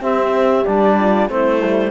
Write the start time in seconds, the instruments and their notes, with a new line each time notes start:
0.00 cello C4, trombone C4, horn G4, clarinet E5
0.65 cello G3, trombone D4, clarinet D5
0.99 horn F4
1.29 cello A3, trombone C4, horn E4, clarinet C5
1.63 trombone G3